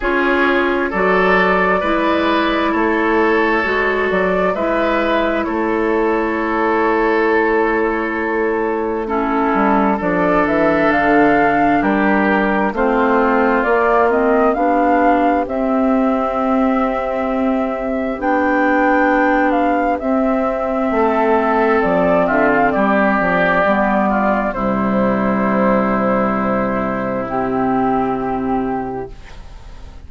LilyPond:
<<
  \new Staff \with { instrumentName = "flute" } { \time 4/4 \tempo 4 = 66 cis''4 d''2 cis''4~ | cis''8 d''8 e''4 cis''2~ | cis''2 a'4 d''8 e''8 | f''4 ais'4 c''4 d''8 dis''8 |
f''4 e''2. | g''4. f''8 e''2 | d''8 e''16 f''16 d''2 c''4~ | c''2 g'2 | }
  \new Staff \with { instrumentName = "oboe" } { \time 4/4 gis'4 a'4 b'4 a'4~ | a'4 b'4 a'2~ | a'2 e'4 a'4~ | a'4 g'4 f'2 |
g'1~ | g'2. a'4~ | a'8 f'8 g'4. f'8 e'4~ | e'1 | }
  \new Staff \with { instrumentName = "clarinet" } { \time 4/4 f'4 fis'4 e'2 | fis'4 e'2.~ | e'2 cis'4 d'4~ | d'2 c'4 ais8 c'8 |
d'4 c'2. | d'2 c'2~ | c'2 b4 g4~ | g2 c'2 | }
  \new Staff \with { instrumentName = "bassoon" } { \time 4/4 cis'4 fis4 gis4 a4 | gis8 fis8 gis4 a2~ | a2~ a8 g8 f8 e8 | d4 g4 a4 ais4 |
b4 c'2. | b2 c'4 a4 | f8 d8 g8 f8 g4 c4~ | c1 | }
>>